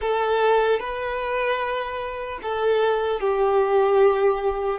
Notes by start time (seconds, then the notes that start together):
0.01 A4
0.79 B4
2.42 A4
3.20 G4